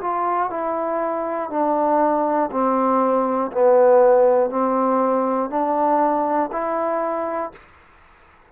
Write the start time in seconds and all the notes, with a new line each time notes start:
0.00 F4
0.50 E4
1.50 D4
2.50 C4
3.51 B3
4.50 C4
5.50 D4
6.51 E4